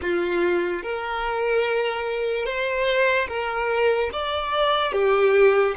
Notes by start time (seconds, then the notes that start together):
0.01 F4
0.82 A#4
2.45 C5
3.28 A#4
4.12 D5
4.92 G4